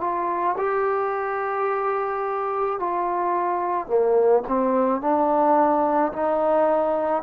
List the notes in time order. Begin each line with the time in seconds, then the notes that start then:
0.00 F4
0.57 G4
2.79 F4
3.87 A#3
4.48 C4
5.01 D4
6.13 D#4